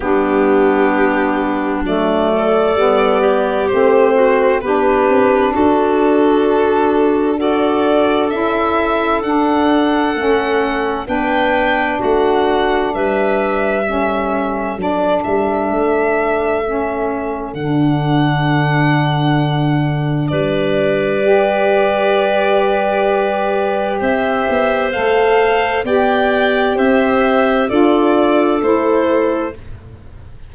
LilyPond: <<
  \new Staff \with { instrumentName = "violin" } { \time 4/4 \tempo 4 = 65 g'2 d''2 | c''4 b'4 a'2 | d''4 e''4 fis''2 | g''4 fis''4 e''2 |
d''8 e''2~ e''8 fis''4~ | fis''2 d''2~ | d''2 e''4 f''4 | g''4 e''4 d''4 c''4 | }
  \new Staff \with { instrumentName = "clarinet" } { \time 4/4 d'2~ d'8 a'4 g'8~ | g'8 fis'8 g'4 fis'2 | a'1 | b'4 fis'4 b'4 a'4~ |
a'1~ | a'2 b'2~ | b'2 c''2 | d''4 c''4 a'2 | }
  \new Staff \with { instrumentName = "saxophone" } { \time 4/4 b2 a4 b4 | c'4 d'2. | fis'4 e'4 d'4 cis'4 | d'2. cis'4 |
d'2 cis'4 d'4~ | d'2. g'4~ | g'2. a'4 | g'2 f'4 e'4 | }
  \new Staff \with { instrumentName = "tuba" } { \time 4/4 g2 fis4 g4 | a4 b8 c'8 d'2~ | d'4 cis'4 d'4 a4 | b4 a4 g2 |
fis8 g8 a2 d4~ | d2 g2~ | g2 c'8 b8 a4 | b4 c'4 d'4 a4 | }
>>